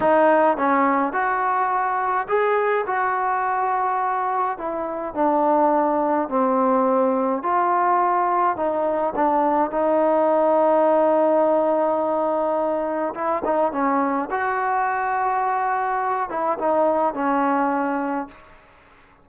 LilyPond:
\new Staff \with { instrumentName = "trombone" } { \time 4/4 \tempo 4 = 105 dis'4 cis'4 fis'2 | gis'4 fis'2. | e'4 d'2 c'4~ | c'4 f'2 dis'4 |
d'4 dis'2.~ | dis'2. e'8 dis'8 | cis'4 fis'2.~ | fis'8 e'8 dis'4 cis'2 | }